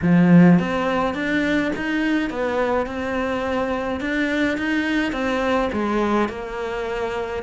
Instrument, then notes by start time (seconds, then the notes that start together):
cello
0.02 F3
0.59 C4
1.14 D4
1.76 D#4
2.30 B3
2.86 C4
4.00 D4
4.57 D#4
5.12 C4
5.72 G#3
6.28 A#3